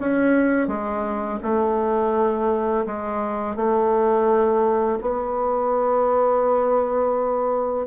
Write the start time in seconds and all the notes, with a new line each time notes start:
0.00 C#4
0.68 G#3
1.43 A3
2.86 G#3
3.56 A3
5.01 B3